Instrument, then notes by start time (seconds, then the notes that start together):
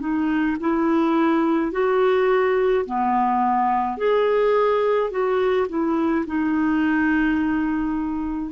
clarinet
0.00 D#4
0.61 E4
1.72 F#4
2.86 B3
3.98 G#4
5.11 F#4
5.69 E4
6.27 D#4